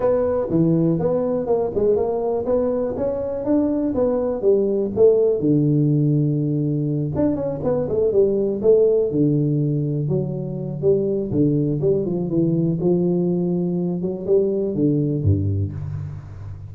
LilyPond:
\new Staff \with { instrumentName = "tuba" } { \time 4/4 \tempo 4 = 122 b4 e4 b4 ais8 gis8 | ais4 b4 cis'4 d'4 | b4 g4 a4 d4~ | d2~ d8 d'8 cis'8 b8 |
a8 g4 a4 d4.~ | d8 fis4. g4 d4 | g8 f8 e4 f2~ | f8 fis8 g4 d4 g,4 | }